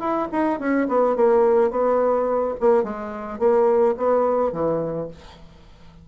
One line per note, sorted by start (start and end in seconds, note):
0.00 0.28 E4
0.32 0.60 D#4
0.60 0.88 C#4
0.89 1.16 B3
1.16 1.71 A#3
1.71 2.55 B3
2.60 2.84 A#3
2.84 3.39 G#3
3.39 3.95 A#3
3.98 4.53 B3
4.53 5.09 E3